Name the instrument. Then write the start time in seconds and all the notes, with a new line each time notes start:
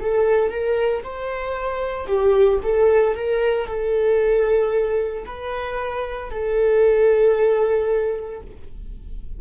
viola
0.00 A4
0.50 A#4
1.03 C5
2.06 G4
2.63 A4
3.15 A#4
3.67 A4
5.25 B4
6.30 A4